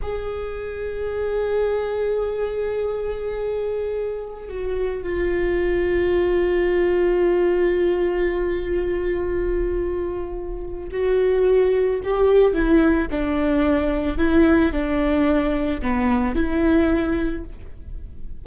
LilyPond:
\new Staff \with { instrumentName = "viola" } { \time 4/4 \tempo 4 = 110 gis'1~ | gis'1~ | gis'16 fis'4 f'2~ f'8.~ | f'1~ |
f'1 | fis'2 g'4 e'4 | d'2 e'4 d'4~ | d'4 b4 e'2 | }